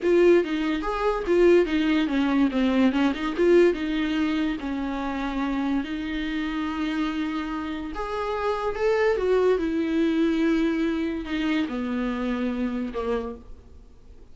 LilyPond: \new Staff \with { instrumentName = "viola" } { \time 4/4 \tempo 4 = 144 f'4 dis'4 gis'4 f'4 | dis'4 cis'4 c'4 cis'8 dis'8 | f'4 dis'2 cis'4~ | cis'2 dis'2~ |
dis'2. gis'4~ | gis'4 a'4 fis'4 e'4~ | e'2. dis'4 | b2. ais4 | }